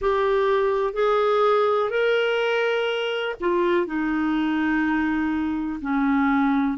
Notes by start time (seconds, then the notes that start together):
0.01 G4
0.93 G#4
1.90 A#4
3.40 F4
3.86 D#4
5.81 C#4